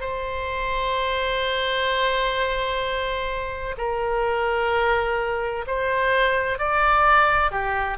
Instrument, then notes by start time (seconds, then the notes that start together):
oboe
0.00 C5
3.78 A#4
5.67 C5
6.58 D5
7.51 G4